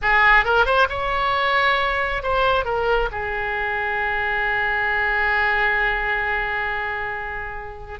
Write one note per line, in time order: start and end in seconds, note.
0.02 0.44 G#4
0.44 0.65 A#4
0.65 0.87 C5
0.89 2.22 C#5
2.22 2.64 C5
2.64 3.09 A#4
3.11 7.99 G#4